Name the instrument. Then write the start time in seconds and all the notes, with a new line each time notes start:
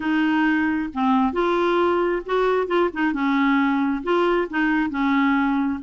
clarinet
0.00 D#4
0.93 C4
1.32 F4
2.25 F#4
2.67 F4
2.93 D#4
3.13 C#4
4.03 F4
4.50 D#4
4.90 C#4